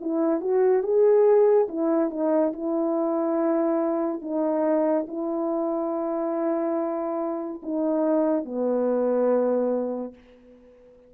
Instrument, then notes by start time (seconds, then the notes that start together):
horn
0.00 E4
0.40 F#4
0.83 G#4
1.68 E4
2.10 D#4
2.53 E4
4.21 D#4
5.08 E4
7.62 D#4
8.45 B3